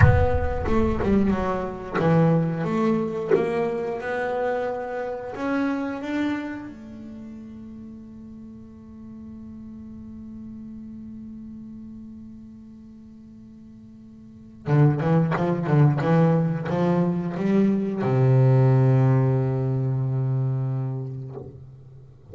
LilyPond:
\new Staff \with { instrumentName = "double bass" } { \time 4/4 \tempo 4 = 90 b4 a8 g8 fis4 e4 | a4 ais4 b2 | cis'4 d'4 a2~ | a1~ |
a1~ | a2 d8 e8 f8 d8 | e4 f4 g4 c4~ | c1 | }